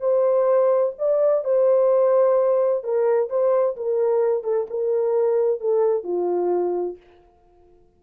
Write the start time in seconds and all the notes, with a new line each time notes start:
0.00 C5
0.99 D5
1.45 C5
2.84 A#4
3.30 C5
3.77 A#4
4.44 A4
4.70 A#4
5.60 A4
6.04 F4